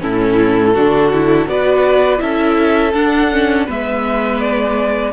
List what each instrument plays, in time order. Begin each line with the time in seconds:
0.00 cello A2, viola C#4, violin E4 A4
0.74 cello D3, viola D4, violin F#4
1.13 viola E4
1.46 cello B3, viola F#4, violin B4 D5
2.18 cello C#4, viola E4, violin A4 E5
2.94 cello D4, viola D4, violin F#5
3.31 viola C#4
3.66 cello G#3, viola B3, violin B4 E5
4.41 violin D5